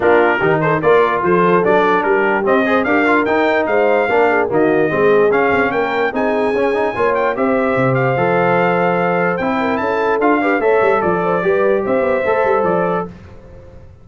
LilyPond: <<
  \new Staff \with { instrumentName = "trumpet" } { \time 4/4 \tempo 4 = 147 ais'4. c''8 d''4 c''4 | d''4 ais'4 dis''4 f''4 | g''4 f''2 dis''4~ | dis''4 f''4 g''4 gis''4~ |
gis''4. g''8 e''4. f''8~ | f''2. g''4 | a''4 f''4 e''4 d''4~ | d''4 e''2 d''4 | }
  \new Staff \with { instrumentName = "horn" } { \time 4/4 f'4 g'8 a'8 ais'4 a'4~ | a'4 g'4. c''8 ais'4~ | ais'4 c''4 ais'8 gis'8 fis'4 | gis'2 ais'4 gis'4~ |
gis'4 cis''4 c''2~ | c''2.~ c''8 ais'8 | a'4. b'8 cis''4 d''8 c''8 | b'4 c''2. | }
  \new Staff \with { instrumentName = "trombone" } { \time 4/4 d'4 dis'4 f'2 | d'2 c'8 gis'8 g'8 f'8 | dis'2 d'4 ais4 | c'4 cis'2 dis'4 |
cis'8 dis'8 f'4 g'2 | a'2. e'4~ | e'4 f'8 g'8 a'2 | g'2 a'2 | }
  \new Staff \with { instrumentName = "tuba" } { \time 4/4 ais4 dis4 ais4 f4 | fis4 g4 c'4 d'4 | dis'4 gis4 ais4 dis4 | gis4 cis'8 c'8 ais4 c'4 |
cis'4 ais4 c'4 c4 | f2. c'4 | cis'4 d'4 a8 g8 f4 | g4 c'8 b8 a8 g8 f4 | }
>>